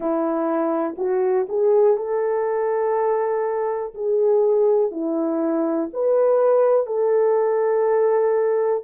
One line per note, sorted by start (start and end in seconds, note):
0.00 0.95 E4
0.97 1.47 F#4
1.48 1.97 G#4
1.97 3.93 A4
3.94 4.91 G#4
4.91 5.89 E4
5.93 6.86 B4
6.86 8.83 A4